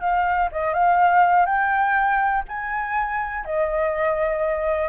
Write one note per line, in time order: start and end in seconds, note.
0.00 0.49 F5
0.51 0.73 D#5
0.73 1.45 F5
1.45 2.43 G5
2.48 3.44 G#5
3.44 4.89 D#5